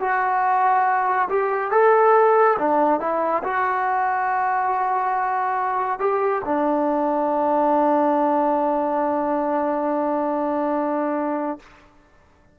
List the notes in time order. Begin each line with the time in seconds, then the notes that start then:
0.00 F#4
1.29 G4
1.71 A4
2.59 D4
3.00 E4
3.44 F#4
5.99 G4
6.45 D4